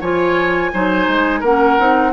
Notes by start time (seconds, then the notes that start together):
0.00 F3 F4 C#5 G#5
0.73 F#3 D#4 C5
1.07 G#3
1.40 A#3 C#4 A#4 F#5
1.79 C4 D#4